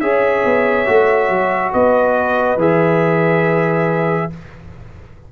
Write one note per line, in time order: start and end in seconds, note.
0.00 0.43 C#4
0.00 0.86 G#4
0.00 1.72 C#5
0.00 1.71 E5
0.44 0.87 B3
0.86 1.29 A3
0.86 2.57 F#4
1.29 1.72 F#3
1.72 2.56 B3
1.72 4.29 B4
1.72 2.59 D#5
2.56 4.27 E3
2.56 4.30 G#4
2.56 4.32 E5